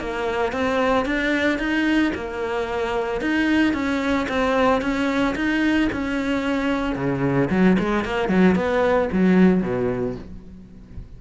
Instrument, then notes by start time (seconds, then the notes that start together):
cello
0.00 A#3
0.52 C4
1.05 D4
1.59 D#4
2.14 A#3
3.20 D#4
3.73 C#4
4.28 C4
4.81 C#4
5.35 D#4
5.92 C#4
6.95 C#3
7.50 F#3
7.79 G#3
8.04 A#3
8.28 F#3
8.55 B3
9.12 F#3
9.61 B2